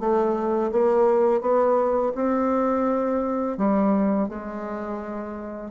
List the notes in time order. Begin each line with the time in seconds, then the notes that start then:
0.00 A3
0.72 A#3
1.41 B3
2.15 C4
3.57 G3
4.29 G#3